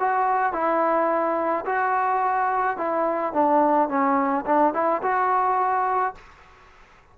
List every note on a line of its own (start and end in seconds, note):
0.00 0.53 F#4
0.53 1.65 E4
1.66 2.78 F#4
2.78 3.34 E4
3.34 3.89 D4
3.89 4.46 C#4
4.46 4.74 D4
4.74 5.02 E4
5.03 6.15 F#4